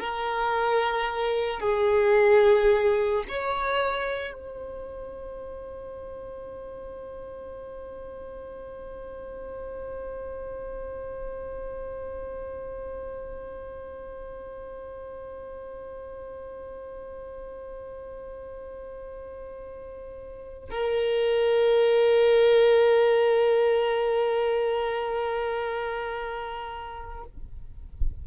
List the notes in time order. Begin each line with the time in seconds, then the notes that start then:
0.00 A#4
1.61 G#4
3.29 C#5
4.34 C5
20.70 A#4